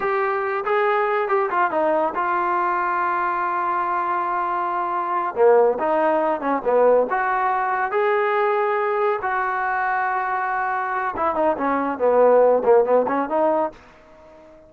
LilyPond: \new Staff \with { instrumentName = "trombone" } { \time 4/4 \tempo 4 = 140 g'4. gis'4. g'8 f'8 | dis'4 f'2.~ | f'1~ | f'8 ais4 dis'4. cis'8 b8~ |
b8 fis'2 gis'4.~ | gis'4. fis'2~ fis'8~ | fis'2 e'8 dis'8 cis'4 | b4. ais8 b8 cis'8 dis'4 | }